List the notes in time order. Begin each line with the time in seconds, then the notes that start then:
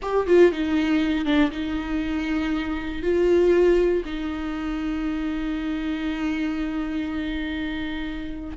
0.01 G4
0.26 F4
0.52 D#4
1.25 D4
1.51 D#4
3.02 F4
4.05 D#4